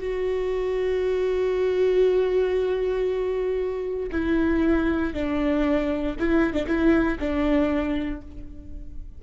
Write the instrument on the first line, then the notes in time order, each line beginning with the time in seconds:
viola
0.00 F#4
4.12 E4
5.14 D4
6.20 E4
6.54 D4
6.67 E4
7.19 D4